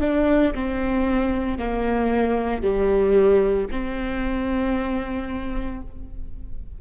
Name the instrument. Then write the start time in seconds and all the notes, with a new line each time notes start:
viola
0.00 D4
0.54 C4
1.58 A#3
2.62 G3
3.70 C4